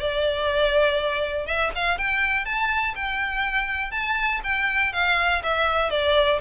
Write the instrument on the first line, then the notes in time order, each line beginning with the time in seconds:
violin
0.00 D5
1.46 E5
1.75 F5
1.98 G5
2.45 A5
2.95 G5
3.91 A5
4.44 G5
4.92 F5
5.43 E5
5.90 D5